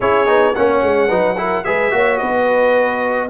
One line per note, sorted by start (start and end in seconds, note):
0.00 0.27 C#4
0.00 0.26 E4
0.00 0.54 G#4
0.00 0.55 C#5
0.26 0.55 B3
0.26 0.54 D#4
0.54 0.82 A#3
0.54 1.08 C#4
0.54 1.08 C#5
0.54 1.64 F#5
0.82 1.09 G#3
1.08 1.64 F#3
1.08 1.36 D#4
1.08 1.36 B4
1.37 1.64 E4
1.37 1.65 A#4
1.64 1.92 G#3
1.64 1.91 G#4
1.64 1.93 B4
1.64 2.18 E5
1.91 2.20 A#3
1.91 3.28 F#4
1.91 2.20 C#5
2.18 3.29 B3
2.18 3.29 B4
2.18 3.28 D#5